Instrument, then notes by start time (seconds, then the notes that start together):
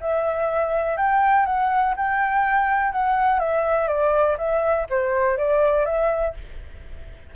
flute
0.00 E5
0.97 G5
1.45 F#5
1.96 G5
2.92 F#5
3.39 E5
3.88 D5
4.37 E5
4.90 C5
5.37 D5
5.85 E5